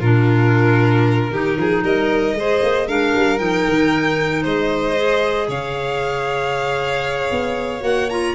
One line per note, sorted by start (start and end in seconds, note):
0.00 1.30 A#2
0.00 1.32 D4
0.00 1.30 F4
0.00 1.83 A#4
1.30 1.57 D#3
1.30 2.36 D#4
1.30 1.58 G4
1.58 1.84 F3
1.58 1.84 G#4
1.84 2.34 G3
1.84 2.36 A#4
1.84 2.88 D#5
2.34 2.60 G#3
2.34 2.88 G#4
2.34 2.87 C5
2.62 2.88 A#3
2.87 3.14 G#3
2.87 3.38 D4
2.87 4.43 A#4
2.87 3.39 F5
3.15 3.40 G3
3.38 3.66 F3
3.38 4.95 D#4
3.38 4.43 G5
3.68 4.45 D#3
4.43 5.48 G#3
4.43 5.47 C5
4.43 5.50 D#5
4.96 7.81 G#4
5.48 7.31 C#3
5.48 8.35 C#5
5.48 7.83 F5
7.31 7.82 B3
7.81 8.34 A#3
7.81 8.07 F#4
7.81 8.09 F#5
8.10 8.35 F4
8.10 8.35 A#5